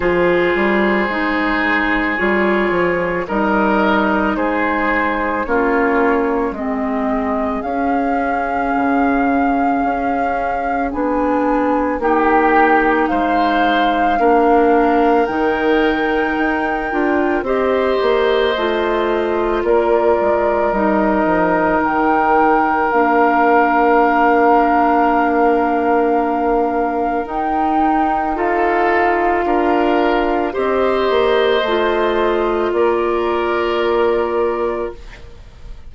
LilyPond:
<<
  \new Staff \with { instrumentName = "flute" } { \time 4/4 \tempo 4 = 55 c''2 cis''4 dis''4 | c''4 cis''4 dis''4 f''4~ | f''2 gis''4 g''4 | f''2 g''2 |
dis''2 d''4 dis''4 | g''4 f''2.~ | f''4 g''4 f''2 | dis''2 d''2 | }
  \new Staff \with { instrumentName = "oboe" } { \time 4/4 gis'2. ais'4 | gis'4 f'4 gis'2~ | gis'2. g'4 | c''4 ais'2. |
c''2 ais'2~ | ais'1~ | ais'2 a'4 ais'4 | c''2 ais'2 | }
  \new Staff \with { instrumentName = "clarinet" } { \time 4/4 f'4 dis'4 f'4 dis'4~ | dis'4 cis'4 c'4 cis'4~ | cis'2 d'4 dis'4~ | dis'4 d'4 dis'4. f'8 |
g'4 f'2 dis'4~ | dis'4 d'2.~ | d'4 dis'4 f'2 | g'4 f'2. | }
  \new Staff \with { instrumentName = "bassoon" } { \time 4/4 f8 g8 gis4 g8 f8 g4 | gis4 ais4 gis4 cis'4 | cis4 cis'4 b4 ais4 | gis4 ais4 dis4 dis'8 d'8 |
c'8 ais8 a4 ais8 gis8 g8 f8 | dis4 ais2.~ | ais4 dis'2 d'4 | c'8 ais8 a4 ais2 | }
>>